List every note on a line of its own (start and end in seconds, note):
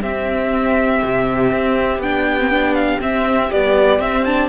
0.00 1.01 C4
0.00 2.02 C4
0.00 4.48 G4
0.00 2.01 E5
1.04 1.51 C3
1.51 1.98 C4
1.98 2.98 B3
1.98 2.39 D4
1.98 2.74 G5
2.39 2.50 C4
2.50 3.00 D4
2.74 2.99 F5
3.00 3.50 C4
3.00 3.51 E5
3.51 4.01 G3
3.51 3.99 B3
3.51 4.00 D5
3.99 4.48 C4
3.99 4.26 C4
3.99 4.24 E5
4.24 4.48 D4
4.24 4.48 A5